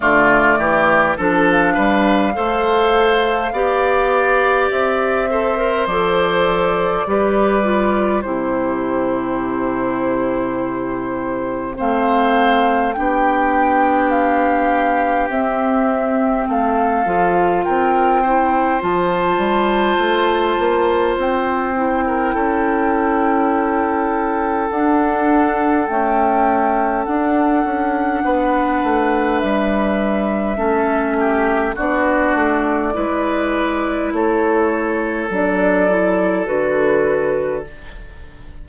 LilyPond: <<
  \new Staff \with { instrumentName = "flute" } { \time 4/4 \tempo 4 = 51 d''4 a'16 f''2~ f''8. | e''4 d''2 c''4~ | c''2 f''4 g''4 | f''4 e''4 f''4 g''4 |
a''2 g''2~ | g''4 fis''4 g''4 fis''4~ | fis''4 e''2 d''4~ | d''4 cis''4 d''4 b'4 | }
  \new Staff \with { instrumentName = "oboe" } { \time 4/4 f'8 g'8 a'8 b'8 c''4 d''4~ | d''8 c''4. b'4 g'4~ | g'2 c''4 g'4~ | g'2 a'4 ais'8 c''8~ |
c''2~ c''8. ais'16 a'4~ | a'1 | b'2 a'8 g'8 fis'4 | b'4 a'2. | }
  \new Staff \with { instrumentName = "clarinet" } { \time 4/4 a4 d'4 a'4 g'4~ | g'8 a'16 ais'16 a'4 g'8 f'8 e'4~ | e'2 c'4 d'4~ | d'4 c'4. f'4 e'8 |
f'2~ f'8 e'4.~ | e'4 d'4 a4 d'4~ | d'2 cis'4 d'4 | e'2 d'8 e'8 fis'4 | }
  \new Staff \with { instrumentName = "bassoon" } { \time 4/4 d8 e8 f8 g8 a4 b4 | c'4 f4 g4 c4~ | c2 a4 b4~ | b4 c'4 a8 f8 c'4 |
f8 g8 a8 ais8 c'4 cis'4~ | cis'4 d'4 cis'4 d'8 cis'8 | b8 a8 g4 a4 b8 a8 | gis4 a4 fis4 d4 | }
>>